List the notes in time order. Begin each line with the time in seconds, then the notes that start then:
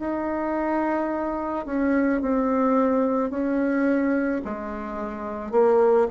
0.00 D#4
1.66 C#4
2.22 C4
3.31 C#4
4.45 G#3
5.52 A#3